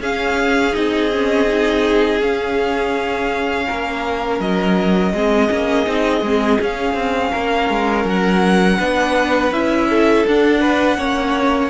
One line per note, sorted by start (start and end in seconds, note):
0.00 0.73 C#4
0.00 3.66 G#4
0.00 0.75 F5
0.73 2.20 C4
0.73 1.09 D#4
0.73 2.21 D#5
1.13 1.47 C#4
1.47 2.20 D#4
2.20 3.67 C#4
2.20 5.15 C#4
2.20 4.41 F5
3.66 4.40 A#3
3.66 5.13 A#4
4.40 5.13 F#3
4.40 6.60 D#5
5.13 5.49 G#3
5.13 5.48 C4
5.13 7.31 G#4
5.48 5.87 A#3
5.48 5.84 C#4
5.86 6.21 C4
5.86 6.22 D#4
6.21 6.58 G#3
6.21 6.60 C4
6.60 8.79 C#4
6.60 6.94 C#4
6.60 8.08 F5
6.94 7.30 C4
7.31 7.70 A#3
7.31 8.78 A#4
7.70 8.05 G#3
8.05 8.78 F#3
8.05 9.52 F#5
8.78 9.52 B3
8.78 9.52 D4
8.78 9.88 B4
9.52 10.25 C#4
9.52 10.26 E4
9.52 10.26 E5
9.90 10.61 A4
10.27 10.96 D4
10.27 10.98 D4
10.27 11.70 F#5
10.61 10.97 B4
10.96 11.70 A#3
10.96 11.70 C#4
10.96 11.70 C#5